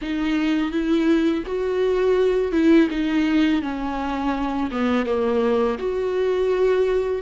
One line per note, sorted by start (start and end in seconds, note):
0.01 0.71 D#4
0.71 1.44 E4
1.46 2.52 F#4
2.52 2.88 E4
2.90 3.61 D#4
3.61 4.70 C#4
4.71 5.05 B3
5.05 5.78 A#3
5.78 7.22 F#4